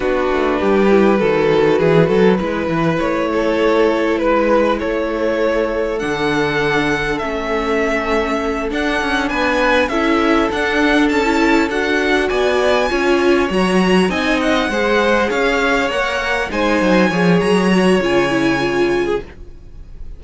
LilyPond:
<<
  \new Staff \with { instrumentName = "violin" } { \time 4/4 \tempo 4 = 100 b'1~ | b'4 cis''2 b'4 | cis''2 fis''2 | e''2~ e''8 fis''4 gis''8~ |
gis''8 e''4 fis''4 a''4 fis''8~ | fis''8 gis''2 ais''4 gis''8 | fis''4. f''4 fis''4 gis''8~ | gis''4 ais''4 gis''2 | }
  \new Staff \with { instrumentName = "violin" } { \time 4/4 fis'4 g'4 a'4 gis'8 a'8 | b'4. a'4. b'4 | a'1~ | a'2.~ a'8 b'8~ |
b'8 a'2.~ a'8~ | a'8 d''4 cis''2 dis''8~ | dis''8 c''4 cis''2 c''8~ | c''8 cis''2.~ cis''16 gis'16 | }
  \new Staff \with { instrumentName = "viola" } { \time 4/4 d'4. e'8 fis'2 | e'1~ | e'2 d'2 | cis'2~ cis'8 d'4.~ |
d'8 e'4 d'4~ d'16 e'8. fis'8~ | fis'4. f'4 fis'4 dis'8~ | dis'8 gis'2 ais'4 dis'8~ | dis'8 gis'4 fis'8 f'8 e'8 f'4 | }
  \new Staff \with { instrumentName = "cello" } { \time 4/4 b8 a8 g4 dis4 e8 fis8 | gis8 e8 a2 gis4 | a2 d2 | a2~ a8 d'8 cis'8 b8~ |
b8 cis'4 d'4 cis'4 d'8~ | d'8 b4 cis'4 fis4 c'8~ | c'8 gis4 cis'4 ais4 gis8 | fis8 f8 fis4 cis2 | }
>>